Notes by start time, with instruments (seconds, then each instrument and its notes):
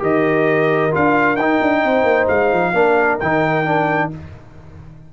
0.00 tuba D#3, trombone G4, horn A#4, trumpet D#5
0.91 tuba D4, trombone F4, trumpet F5
1.36 tuba D#4, trombone D#4, trumpet G5
1.62 tuba D4
1.84 tuba C4, horn C5
2.04 tuba A#3
2.28 tuba G#3, trumpet F5
2.53 tuba F3
2.74 tuba A#3, trombone D4, horn A#4
3.20 tuba D#3, trombone D#4, trumpet G5
3.66 trombone D4